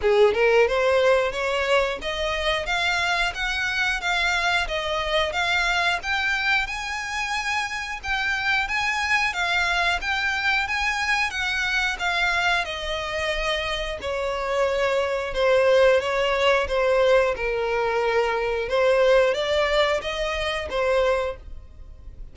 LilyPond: \new Staff \with { instrumentName = "violin" } { \time 4/4 \tempo 4 = 90 gis'8 ais'8 c''4 cis''4 dis''4 | f''4 fis''4 f''4 dis''4 | f''4 g''4 gis''2 | g''4 gis''4 f''4 g''4 |
gis''4 fis''4 f''4 dis''4~ | dis''4 cis''2 c''4 | cis''4 c''4 ais'2 | c''4 d''4 dis''4 c''4 | }